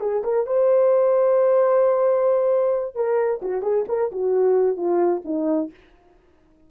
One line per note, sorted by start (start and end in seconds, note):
0.00 0.23 G#4
0.23 0.46 A#4
0.46 2.95 C5
2.95 3.40 A#4
3.42 3.62 F#4
3.62 3.85 G#4
3.88 4.11 A#4
4.12 4.76 F#4
4.76 5.22 F4
5.25 5.70 D#4